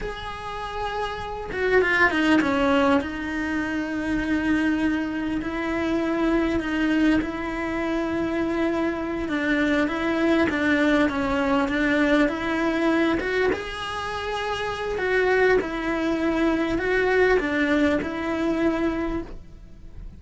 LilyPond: \new Staff \with { instrumentName = "cello" } { \time 4/4 \tempo 4 = 100 gis'2~ gis'8 fis'8 f'8 dis'8 | cis'4 dis'2.~ | dis'4 e'2 dis'4 | e'2.~ e'8 d'8~ |
d'8 e'4 d'4 cis'4 d'8~ | d'8 e'4. fis'8 gis'4.~ | gis'4 fis'4 e'2 | fis'4 d'4 e'2 | }